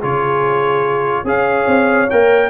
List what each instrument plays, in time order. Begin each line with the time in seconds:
0.00 tuba C#3, trombone F4, horn G#4, trumpet C#5
1.24 tuba C#4, trombone G#4, horn C#5, trumpet F5
1.67 tuba C4
2.10 tuba A#3, trombone A#4, trumpet G5